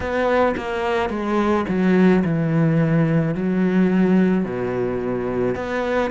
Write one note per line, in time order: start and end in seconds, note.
0.00 0.55 B3
0.56 1.09 A#3
1.09 1.65 G#3
1.68 2.23 F#3
2.24 3.34 E3
3.34 4.44 F#3
4.44 5.55 B2
5.55 6.11 B3